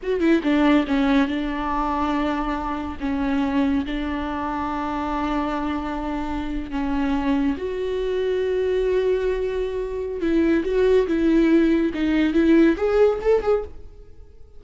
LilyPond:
\new Staff \with { instrumentName = "viola" } { \time 4/4 \tempo 4 = 141 fis'8 e'8 d'4 cis'4 d'4~ | d'2. cis'4~ | cis'4 d'2.~ | d'2.~ d'8. cis'16~ |
cis'4.~ cis'16 fis'2~ fis'16~ | fis'1 | e'4 fis'4 e'2 | dis'4 e'4 gis'4 a'8 gis'8 | }